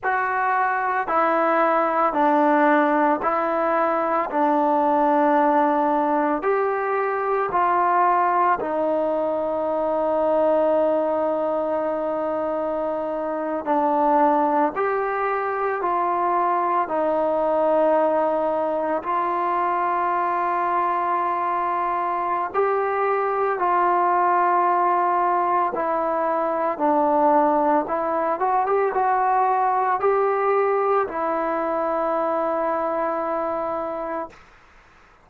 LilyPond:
\new Staff \with { instrumentName = "trombone" } { \time 4/4 \tempo 4 = 56 fis'4 e'4 d'4 e'4 | d'2 g'4 f'4 | dis'1~ | dis'8. d'4 g'4 f'4 dis'16~ |
dis'4.~ dis'16 f'2~ f'16~ | f'4 g'4 f'2 | e'4 d'4 e'8 fis'16 g'16 fis'4 | g'4 e'2. | }